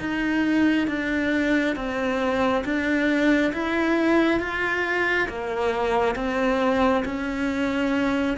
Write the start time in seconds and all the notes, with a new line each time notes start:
0.00 D#4
0.88 D4
1.76 C4
2.65 D4
3.53 E4
4.40 F4
5.29 A#3
6.16 C4
7.05 C#4